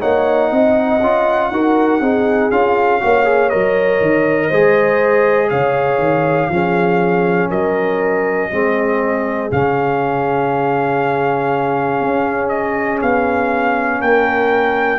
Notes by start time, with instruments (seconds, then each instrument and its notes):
0.00 tuba A#3, trombone D#4, horn C#5, trumpet F#5
0.52 tuba C4, horn D#5
1.01 tuba C#4, trombone F4
1.51 tuba D#4, trombone F#4, horn A#4
2.01 tuba C4, trombone D#4, horn G#4
2.51 tuba C#4, trombone F4, trumpet F5
3.01 tuba A#3, trombone F#4, horn C#5
3.25 trombone G#4
3.50 tuba F#3, trombone A#4, trumpet D#5
4.01 tuba D#3
4.49 tuba G#3, trombone G#4, horn C5
5.50 tuba C#3, horn C#5, trumpet F5
5.98 tuba D#3
6.49 tuba F3, trombone C#4, horn G#4
7.50 tuba F#3, horn A#4, trumpet D#5
8.51 tuba G#3, trombone C4, horn G#4
9.51 tuba C#3, trombone C#4, trumpet F5
12.01 tuba C#4
12.49 trumpet D#5
13.02 tuba B3, trumpet F5
14.00 tuba A#3, horn A#4, trumpet G5